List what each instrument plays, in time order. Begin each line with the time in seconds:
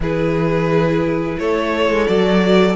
0.00 cello E3, viola E4, violin G#4 B4
1.39 cello A3, violin A4 C#5
1.89 cello G#3
2.07 cello F#3, viola F#4, violin D5